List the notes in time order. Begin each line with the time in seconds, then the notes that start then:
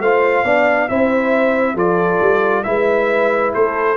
0.00 A3 F4 C5 F5
0.44 B3 D4 D5
0.89 C4 E4 C5 E5
1.75 F3 F4 A4 D5
2.21 G3
2.64 G#3 E4 B4 E5
3.55 A3 A4 C5